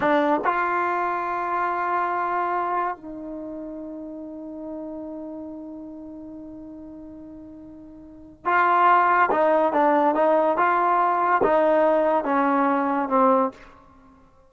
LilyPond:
\new Staff \with { instrumentName = "trombone" } { \time 4/4 \tempo 4 = 142 d'4 f'2.~ | f'2. dis'4~ | dis'1~ | dis'1~ |
dis'1 | f'2 dis'4 d'4 | dis'4 f'2 dis'4~ | dis'4 cis'2 c'4 | }